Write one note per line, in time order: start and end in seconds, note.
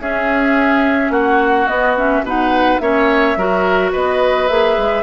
0.00 1.10 C#4
0.00 1.68 C#4
0.00 1.12 G#4
0.00 1.12 E5
1.10 1.66 A#3
1.10 2.24 F#4
1.10 1.68 F#5
1.68 1.96 B3
1.68 2.23 B3
1.68 1.96 D#5
1.97 2.25 C#4
1.97 2.25 E5
2.23 2.79 B2
2.23 2.81 D#4
2.23 2.82 B4
2.23 2.80 F#5
2.80 3.37 A#3
2.80 3.37 C#4
2.80 3.38 C#5
2.80 3.92 E5
3.37 3.93 F#3
3.37 4.49 F#4
3.37 3.92 A#4
3.92 4.50 B3
3.92 5.04 B4
3.92 4.48 D#5
4.48 4.78 A#3
4.48 5.04 G#4
4.48 5.04 E5
4.78 5.04 G#3